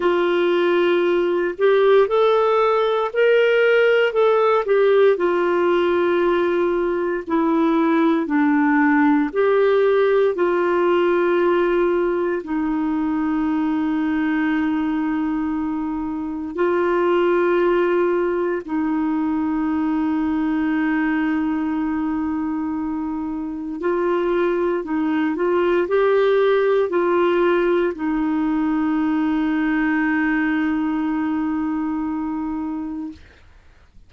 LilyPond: \new Staff \with { instrumentName = "clarinet" } { \time 4/4 \tempo 4 = 58 f'4. g'8 a'4 ais'4 | a'8 g'8 f'2 e'4 | d'4 g'4 f'2 | dis'1 |
f'2 dis'2~ | dis'2. f'4 | dis'8 f'8 g'4 f'4 dis'4~ | dis'1 | }